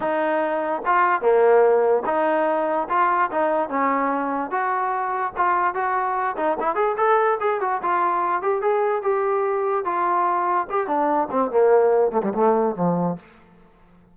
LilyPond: \new Staff \with { instrumentName = "trombone" } { \time 4/4 \tempo 4 = 146 dis'2 f'4 ais4~ | ais4 dis'2 f'4 | dis'4 cis'2 fis'4~ | fis'4 f'4 fis'4. dis'8 |
e'8 gis'8 a'4 gis'8 fis'8 f'4~ | f'8 g'8 gis'4 g'2 | f'2 g'8 d'4 c'8 | ais4. a16 g16 a4 f4 | }